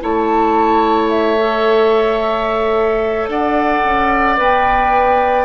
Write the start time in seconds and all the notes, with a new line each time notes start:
0.00 A3 E4 C#5 A5
1.09 E5
1.38 A4
3.27 D4 D5 F#5
3.84 C#4
4.36 B3 B4 G5